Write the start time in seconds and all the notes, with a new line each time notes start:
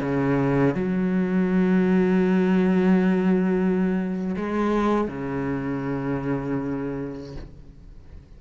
0.00 C#3
0.75 F#3
4.36 G#3
5.08 C#3